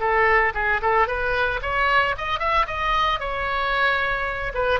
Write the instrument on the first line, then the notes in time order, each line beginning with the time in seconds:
oboe
0.00 A4
0.55 G#4
0.82 A4
1.08 B4
1.63 C#5
2.18 D#5
2.40 E5
2.67 D#5
3.20 C#5
4.55 B4